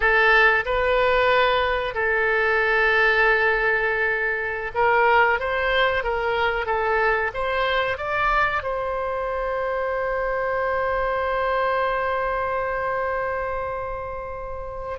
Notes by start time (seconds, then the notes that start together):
0.00 A4
0.65 B4
1.94 A4
4.74 A#4
5.39 C5
6.03 A#4
6.66 A4
7.34 C5
7.97 D5
8.63 C5